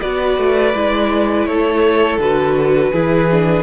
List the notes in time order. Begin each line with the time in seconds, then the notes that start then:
0.00 B3 F#4 B4 D5
0.37 A3
0.74 G#3 E4
1.46 A3 A4 C#5
2.18 D3 F#4 B4
2.92 E3 E4 G#4
3.31 D4